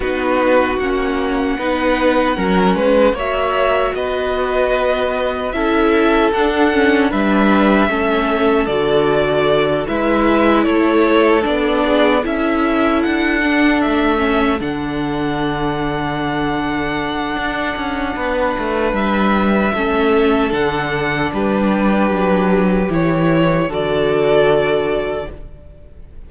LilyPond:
<<
  \new Staff \with { instrumentName = "violin" } { \time 4/4 \tempo 4 = 76 b'4 fis''2. | e''4 dis''2 e''4 | fis''4 e''2 d''4~ | d''8 e''4 cis''4 d''4 e''8~ |
e''8 fis''4 e''4 fis''4.~ | fis''1 | e''2 fis''4 b'4~ | b'4 cis''4 d''2 | }
  \new Staff \with { instrumentName = "violin" } { \time 4/4 fis'2 b'4 ais'8 b'8 | cis''4 b'2 a'4~ | a'4 b'4 a'2~ | a'8 b'4 a'4. gis'8 a'8~ |
a'1~ | a'2. b'4~ | b'4 a'2 g'4~ | g'2 a'2 | }
  \new Staff \with { instrumentName = "viola" } { \time 4/4 dis'4 cis'4 dis'4 cis'4 | fis'2. e'4 | d'8 cis'8 d'4 cis'4 fis'4~ | fis'8 e'2 d'4 e'8~ |
e'4 d'4 cis'8 d'4.~ | d'1~ | d'4 cis'4 d'2~ | d'4 e'4 fis'2 | }
  \new Staff \with { instrumentName = "cello" } { \time 4/4 b4 ais4 b4 fis8 gis8 | ais4 b2 cis'4 | d'4 g4 a4 d4~ | d8 gis4 a4 b4 cis'8~ |
cis'8 d'4 a4 d4.~ | d2 d'8 cis'8 b8 a8 | g4 a4 d4 g4 | fis4 e4 d2 | }
>>